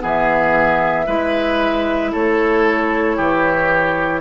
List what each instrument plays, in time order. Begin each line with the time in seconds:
0.00 bassoon E3, clarinet B3, oboe G#4, flute E5
1.07 bassoon G#3, clarinet E4, oboe B4
2.12 bassoon A3, oboe A4, flute C#5
3.17 bassoon E3, oboe G4